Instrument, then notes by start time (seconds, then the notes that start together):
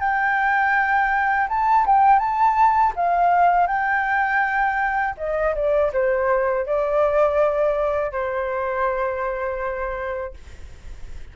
flute
0.00 G5
1.49 A5
1.86 G5
2.19 A5
2.96 F5
3.67 G5
5.18 D#5
5.55 D5
5.94 C5
6.66 D5
8.12 C5